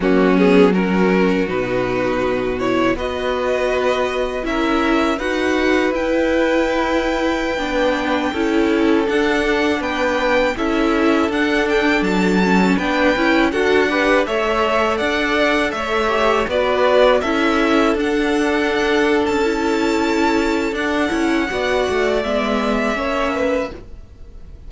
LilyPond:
<<
  \new Staff \with { instrumentName = "violin" } { \time 4/4 \tempo 4 = 81 fis'8 gis'8 ais'4 b'4. cis''8 | dis''2 e''4 fis''4 | g''1~ | g''16 fis''4 g''4 e''4 fis''8 g''16~ |
g''16 a''4 g''4 fis''4 e''8.~ | e''16 fis''4 e''4 d''4 e''8.~ | e''16 fis''4.~ fis''16 a''2 | fis''2 e''2 | }
  \new Staff \with { instrumentName = "violin" } { \time 4/4 cis'4 fis'2. | b'2 ais'4 b'4~ | b'2.~ b'16 a'8.~ | a'4~ a'16 b'4 a'4.~ a'16~ |
a'4~ a'16 b'4 a'8 b'8 cis''8.~ | cis''16 d''4 cis''4 b'4 a'8.~ | a'1~ | a'4 d''2 cis''8 b'8 | }
  \new Staff \with { instrumentName = "viola" } { \time 4/4 ais8 b8 cis'4 dis'4. e'8 | fis'2 e'4 fis'4 | e'2~ e'16 d'4 e'8.~ | e'16 d'2 e'4 d'8.~ |
d'8. cis'8 d'8 e'8 fis'8 g'8 a'8.~ | a'4.~ a'16 g'8 fis'4 e'8.~ | e'16 d'2 e'4.~ e'16 | d'8 e'8 fis'4 b4 cis'4 | }
  \new Staff \with { instrumentName = "cello" } { \time 4/4 fis2 b,2 | b2 cis'4 dis'4 | e'2~ e'16 b4 cis'8.~ | cis'16 d'4 b4 cis'4 d'8.~ |
d'16 fis4 b8 cis'8 d'4 a8.~ | a16 d'4 a4 b4 cis'8.~ | cis'16 d'4.~ d'16 cis'2 | d'8 cis'8 b8 a8 gis4 ais4 | }
>>